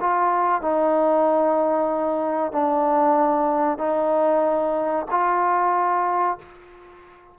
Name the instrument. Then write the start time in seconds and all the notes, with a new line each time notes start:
trombone
0.00 F4
0.61 D#4
2.52 D4
3.78 D#4
5.10 F4